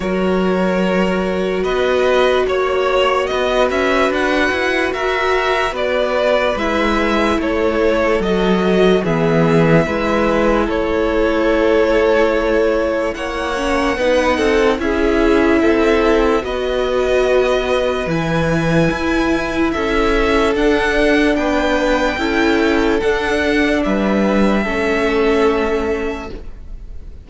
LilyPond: <<
  \new Staff \with { instrumentName = "violin" } { \time 4/4 \tempo 4 = 73 cis''2 dis''4 cis''4 | dis''8 e''8 fis''4 e''4 d''4 | e''4 cis''4 dis''4 e''4~ | e''4 cis''2. |
fis''2 e''2 | dis''2 gis''2 | e''4 fis''4 g''2 | fis''4 e''2. | }
  \new Staff \with { instrumentName = "violin" } { \time 4/4 ais'2 b'4 cis''4 | b'2 ais'4 b'4~ | b'4 a'2 gis'4 | b'4 a'2. |
cis''4 b'8 a'8 gis'4 a'4 | b'1 | a'2 b'4 a'4~ | a'4 b'4 a'2 | }
  \new Staff \with { instrumentName = "viola" } { \time 4/4 fis'1~ | fis'1 | e'2 fis'4 b4 | e'1~ |
e'8 cis'8 dis'4 e'2 | fis'2 e'2~ | e'4 d'2 e'4 | d'2 cis'2 | }
  \new Staff \with { instrumentName = "cello" } { \time 4/4 fis2 b4 ais4 | b8 cis'8 d'8 e'8 fis'4 b4 | gis4 a4 fis4 e4 | gis4 a2. |
ais4 b8 c'8 cis'4 c'4 | b2 e4 e'4 | cis'4 d'4 b4 cis'4 | d'4 g4 a2 | }
>>